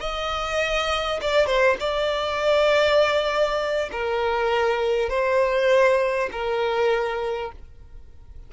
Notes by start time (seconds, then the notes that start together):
0.00 D#5
1.21 D5
1.46 C5
1.79 D5
3.92 A#4
5.09 C5
6.32 A#4